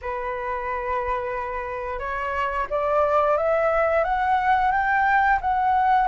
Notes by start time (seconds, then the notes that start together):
0.01 B4
1.99 C#5
2.70 D5
3.37 E5
4.04 F#5
4.71 G5
5.41 F#5